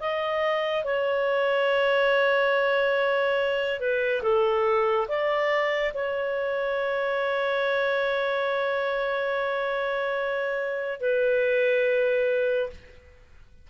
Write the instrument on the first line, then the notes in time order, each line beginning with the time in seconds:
clarinet
0.00 D#5
0.85 C#5
3.80 B4
4.23 A4
5.08 D5
5.94 C#5
11.01 B4